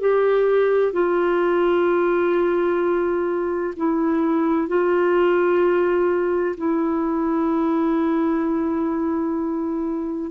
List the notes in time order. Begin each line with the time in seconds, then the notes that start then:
0.00 G4
0.92 F4
3.76 E4
4.67 F4
6.57 E4